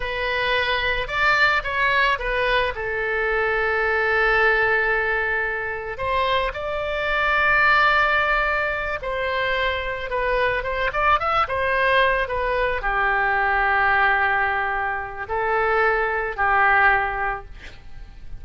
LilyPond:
\new Staff \with { instrumentName = "oboe" } { \time 4/4 \tempo 4 = 110 b'2 d''4 cis''4 | b'4 a'2.~ | a'2. c''4 | d''1~ |
d''8 c''2 b'4 c''8 | d''8 e''8 c''4. b'4 g'8~ | g'1 | a'2 g'2 | }